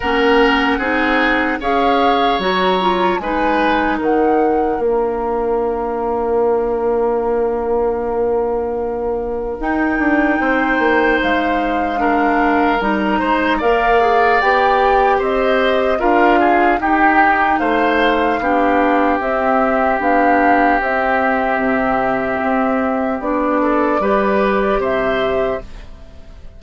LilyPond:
<<
  \new Staff \with { instrumentName = "flute" } { \time 4/4 \tempo 4 = 75 fis''2 f''4 ais''4 | gis''4 fis''4 f''2~ | f''1 | g''2 f''2 |
ais''4 f''4 g''4 dis''4 | f''4 g''4 f''2 | e''4 f''4 e''2~ | e''4 d''2 e''4 | }
  \new Staff \with { instrumentName = "oboe" } { \time 4/4 ais'4 gis'4 cis''2 | b'4 ais'2.~ | ais'1~ | ais'4 c''2 ais'4~ |
ais'8 c''8 d''2 c''4 | ais'8 gis'8 g'4 c''4 g'4~ | g'1~ | g'4. a'8 b'4 c''4 | }
  \new Staff \with { instrumentName = "clarinet" } { \time 4/4 cis'4 dis'4 gis'4 fis'8 f'8 | dis'2 d'2~ | d'1 | dis'2. d'4 |
dis'4 ais'8 gis'8 g'2 | f'4 dis'2 d'4 | c'4 d'4 c'2~ | c'4 d'4 g'2 | }
  \new Staff \with { instrumentName = "bassoon" } { \time 4/4 ais4 c'4 cis'4 fis4 | gis4 dis4 ais2~ | ais1 | dis'8 d'8 c'8 ais8 gis2 |
g8 gis8 ais4 b4 c'4 | d'4 dis'4 a4 b4 | c'4 b4 c'4 c4 | c'4 b4 g4 c4 | }
>>